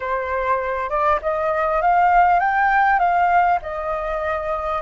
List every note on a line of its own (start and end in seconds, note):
0.00 0.89 C5
0.89 1.19 D5
1.22 1.81 D#5
1.81 2.39 F5
2.39 2.99 G5
2.99 3.59 F5
3.62 4.82 D#5